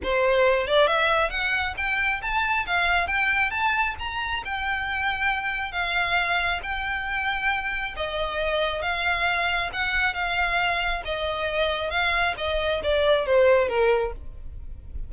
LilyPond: \new Staff \with { instrumentName = "violin" } { \time 4/4 \tempo 4 = 136 c''4. d''8 e''4 fis''4 | g''4 a''4 f''4 g''4 | a''4 ais''4 g''2~ | g''4 f''2 g''4~ |
g''2 dis''2 | f''2 fis''4 f''4~ | f''4 dis''2 f''4 | dis''4 d''4 c''4 ais'4 | }